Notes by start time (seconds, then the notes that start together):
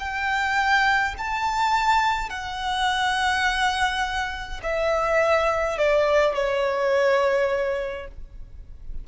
0.00 G5
1.19 A5
2.30 F#5
4.63 E5
5.78 D5
6.35 C#5